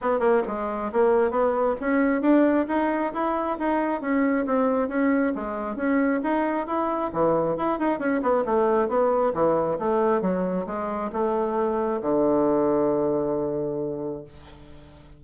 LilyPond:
\new Staff \with { instrumentName = "bassoon" } { \time 4/4 \tempo 4 = 135 b8 ais8 gis4 ais4 b4 | cis'4 d'4 dis'4 e'4 | dis'4 cis'4 c'4 cis'4 | gis4 cis'4 dis'4 e'4 |
e4 e'8 dis'8 cis'8 b8 a4 | b4 e4 a4 fis4 | gis4 a2 d4~ | d1 | }